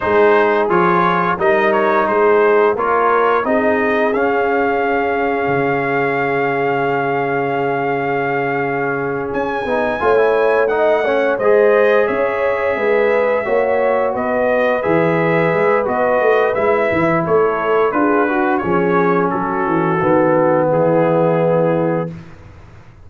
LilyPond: <<
  \new Staff \with { instrumentName = "trumpet" } { \time 4/4 \tempo 4 = 87 c''4 cis''4 dis''8 cis''8 c''4 | cis''4 dis''4 f''2~ | f''1~ | f''4. gis''2 fis''8~ |
fis''8 dis''4 e''2~ e''8~ | e''8 dis''4 e''4. dis''4 | e''4 cis''4 b'4 cis''4 | a'2 gis'2 | }
  \new Staff \with { instrumentName = "horn" } { \time 4/4 gis'2 ais'4 gis'4 | ais'4 gis'2.~ | gis'1~ | gis'2~ gis'8 cis''4 dis''8 |
cis''8 c''4 cis''4 b'4 cis''8~ | cis''8 b'2.~ b'8~ | b'4 a'4 gis'8 fis'8 gis'4 | fis'2 e'2 | }
  \new Staff \with { instrumentName = "trombone" } { \time 4/4 dis'4 f'4 dis'2 | f'4 dis'4 cis'2~ | cis'1~ | cis'2 dis'8 f'16 e'8. dis'8 |
cis'8 gis'2. fis'8~ | fis'4. gis'4. fis'4 | e'2 f'8 fis'8 cis'4~ | cis'4 b2. | }
  \new Staff \with { instrumentName = "tuba" } { \time 4/4 gis4 f4 g4 gis4 | ais4 c'4 cis'2 | cis1~ | cis4. cis'8 b8 a4.~ |
a8 gis4 cis'4 gis4 ais8~ | ais8 b4 e4 gis8 b8 a8 | gis8 e8 a4 d'4 f4 | fis8 e8 dis4 e2 | }
>>